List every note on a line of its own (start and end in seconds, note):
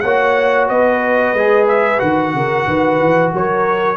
0.00 0.70 A#3
0.00 1.37 F#4
0.00 0.68 C#5
0.00 0.66 F#5
0.68 1.33 B3
0.68 2.33 B4
0.68 1.67 D#5
1.33 1.98 G#3
1.33 1.98 G#4
1.68 1.99 E5
1.98 2.33 D#3
1.98 3.95 F#4
1.98 3.31 F#5
2.33 2.66 C#3
2.33 2.66 A#4
2.66 2.99 D#3
2.66 3.32 B4
2.99 3.32 E3
3.33 3.97 F#3
3.33 3.97 A#4
3.33 3.97 C#5